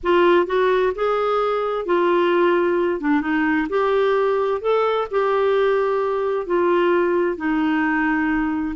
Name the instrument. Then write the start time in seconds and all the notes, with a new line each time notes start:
clarinet
0.03 F4
0.46 F#4
0.95 G#4
1.85 F4
3.00 D4
3.21 D#4
3.69 G4
4.61 A4
5.10 G4
6.46 F4
7.36 D#4